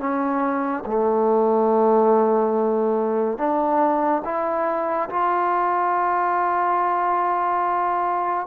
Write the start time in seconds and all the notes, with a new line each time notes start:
0.00 C#4
0.86 A3
3.38 D4
4.25 E4
5.10 F4